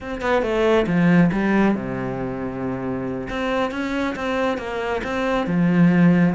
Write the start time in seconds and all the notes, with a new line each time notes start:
0.00 C4
0.21 B3
0.42 A3
0.86 F3
1.31 G3
1.74 C3
3.29 C4
3.71 C#4
4.15 C4
4.57 A#3
5.03 C4
5.46 F3